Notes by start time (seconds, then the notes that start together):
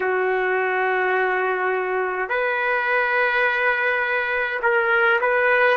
0.00 F#4
2.29 B4
4.62 A#4
5.20 B4